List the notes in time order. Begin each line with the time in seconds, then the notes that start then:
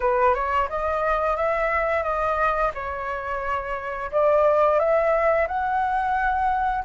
0.00 B4
0.34 C#5
0.68 D#5
1.36 E5
2.03 D#5
2.74 C#5
4.11 D5
4.79 E5
5.47 F#5